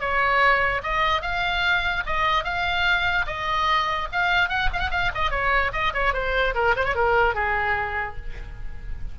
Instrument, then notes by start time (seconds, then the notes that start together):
oboe
0.00 C#5
0.83 D#5
1.22 F5
2.06 D#5
2.44 F5
3.26 D#5
4.12 F5
4.49 F#5
4.73 F5
4.79 F#5
4.91 F5
5.14 D#5
5.30 C#5
5.72 D#5
5.94 C#5
6.13 C5
6.54 A#4
6.76 C5
6.84 C#5
6.95 A#4
7.34 G#4